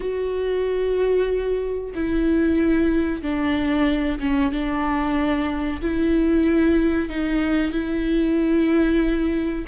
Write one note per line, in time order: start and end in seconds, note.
0.00 1.93 F#4
1.94 3.22 E4
3.22 4.19 D4
4.19 4.52 C#4
4.52 5.81 D4
5.81 7.09 E4
7.09 7.71 D#4
7.71 9.65 E4